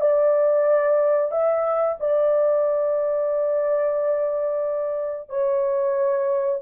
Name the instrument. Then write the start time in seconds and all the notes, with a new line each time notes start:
horn
0.00 D5
1.31 E5
1.99 D5
5.29 C#5